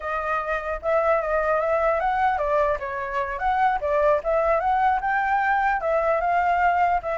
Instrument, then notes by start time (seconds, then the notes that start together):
flute
0.00 D#5
0.82 E5
1.21 D#5
1.60 E5
2.00 F#5
2.38 D5
2.79 C#5
3.39 F#5
3.80 D5
4.23 E5
4.60 F#5
5.00 G5
5.80 E5
6.21 F5
7.02 E5